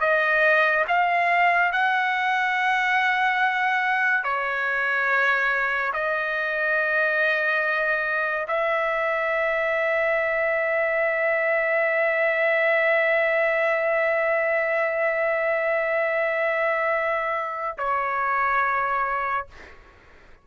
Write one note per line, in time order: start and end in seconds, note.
0.00 0.85 D#5
0.87 1.72 F5
1.72 4.23 F#5
4.23 5.92 C#5
5.93 8.47 D#5
8.47 17.77 E5
17.77 19.46 C#5